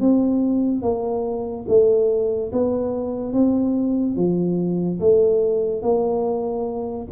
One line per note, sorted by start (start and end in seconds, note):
0.00 0.82 C4
0.82 1.66 A#3
1.68 2.52 A3
2.52 3.33 B3
3.33 4.16 C4
4.16 4.99 F3
5.00 5.82 A3
5.82 7.07 A#3